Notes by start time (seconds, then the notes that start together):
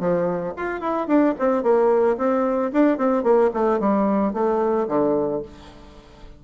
0.00 F3
0.57 F4
0.81 E4
1.08 D4
1.40 C4
1.63 A#3
2.18 C4
2.73 D4
2.98 C4
3.24 A#3
3.54 A3
3.80 G3
4.34 A3
4.89 D3